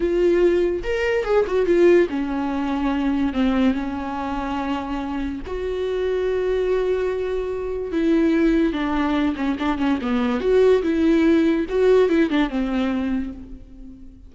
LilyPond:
\new Staff \with { instrumentName = "viola" } { \time 4/4 \tempo 4 = 144 f'2 ais'4 gis'8 fis'8 | f'4 cis'2. | c'4 cis'2.~ | cis'4 fis'2.~ |
fis'2. e'4~ | e'4 d'4. cis'8 d'8 cis'8 | b4 fis'4 e'2 | fis'4 e'8 d'8 c'2 | }